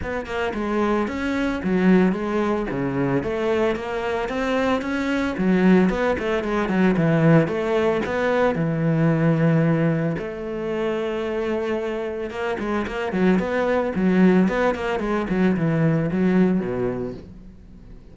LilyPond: \new Staff \with { instrumentName = "cello" } { \time 4/4 \tempo 4 = 112 b8 ais8 gis4 cis'4 fis4 | gis4 cis4 a4 ais4 | c'4 cis'4 fis4 b8 a8 | gis8 fis8 e4 a4 b4 |
e2. a4~ | a2. ais8 gis8 | ais8 fis8 b4 fis4 b8 ais8 | gis8 fis8 e4 fis4 b,4 | }